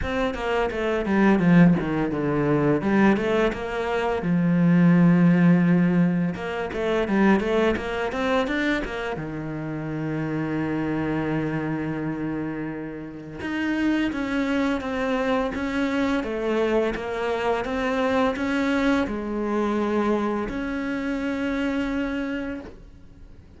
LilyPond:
\new Staff \with { instrumentName = "cello" } { \time 4/4 \tempo 4 = 85 c'8 ais8 a8 g8 f8 dis8 d4 | g8 a8 ais4 f2~ | f4 ais8 a8 g8 a8 ais8 c'8 | d'8 ais8 dis2.~ |
dis2. dis'4 | cis'4 c'4 cis'4 a4 | ais4 c'4 cis'4 gis4~ | gis4 cis'2. | }